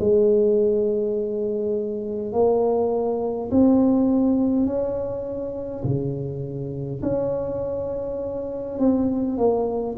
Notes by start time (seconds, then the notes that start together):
0.00 G#3
2.33 A#3
3.51 C4
4.66 C#4
5.84 C#3
7.03 C#4
8.79 C4
9.38 A#3